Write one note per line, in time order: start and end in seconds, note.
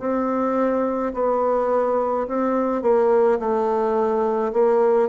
0.00 1.13 C4
1.14 2.27 B3
2.28 2.83 C4
2.83 3.39 A#3
3.40 4.53 A3
4.53 5.09 A#3